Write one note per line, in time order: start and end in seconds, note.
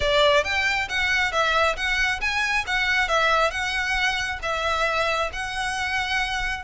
0.00 0.44 D5
0.44 0.88 G5
0.88 1.32 F#5
1.32 1.76 E5
1.76 2.20 F#5
2.20 2.65 G#5
2.66 3.08 F#5
3.08 3.51 E5
3.51 4.39 F#5
4.42 5.30 E5
5.32 6.63 F#5